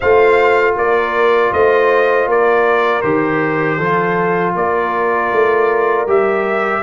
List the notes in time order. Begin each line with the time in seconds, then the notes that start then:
0.00 A3 F4 C5 F5
0.76 A#3 A#4 D5
1.52 A3 C5 D#5
2.27 A#3 A#4 D5
3.01 D#3 G4 C5
3.77 F3 F4 A4
4.55 A#3 A#4 D5
5.32 A3
6.07 G3 G4 E5